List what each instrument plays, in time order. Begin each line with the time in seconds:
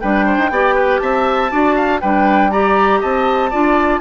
0.00 bassoon G3, clarinet D4, oboe B4, flute G5
0.25 oboe C5
0.38 bassoon D#4
0.50 bassoon B3, clarinet G4, oboe D5
0.75 oboe B4
0.99 bassoon C4, oboe E5, flute A5
1.50 bassoon D4, clarinet F#4, oboe D5
1.75 oboe F5
2.01 bassoon G3, clarinet D4, oboe B4, flute G5
2.51 clarinet G4, oboe D5, flute A#5
3.00 bassoon C4, oboe D#5, flute A5
3.50 bassoon D4, clarinet F4, oboe D5